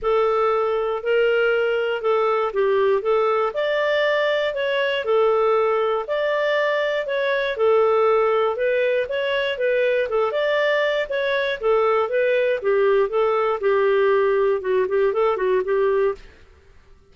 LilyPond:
\new Staff \with { instrumentName = "clarinet" } { \time 4/4 \tempo 4 = 119 a'2 ais'2 | a'4 g'4 a'4 d''4~ | d''4 cis''4 a'2 | d''2 cis''4 a'4~ |
a'4 b'4 cis''4 b'4 | a'8 d''4. cis''4 a'4 | b'4 g'4 a'4 g'4~ | g'4 fis'8 g'8 a'8 fis'8 g'4 | }